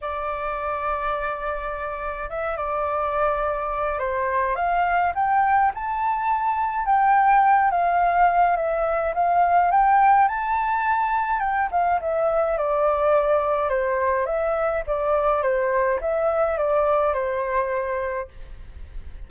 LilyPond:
\new Staff \with { instrumentName = "flute" } { \time 4/4 \tempo 4 = 105 d''1 | e''8 d''2~ d''8 c''4 | f''4 g''4 a''2 | g''4. f''4. e''4 |
f''4 g''4 a''2 | g''8 f''8 e''4 d''2 | c''4 e''4 d''4 c''4 | e''4 d''4 c''2 | }